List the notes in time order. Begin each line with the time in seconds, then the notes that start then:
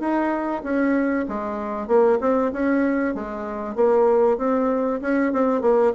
0.00 D#4
0.64 C#4
1.28 G#3
1.88 A#3
2.21 C4
2.53 C#4
3.15 G#3
3.76 A#3
4.38 C4
5.02 C#4
5.33 C4
5.62 A#3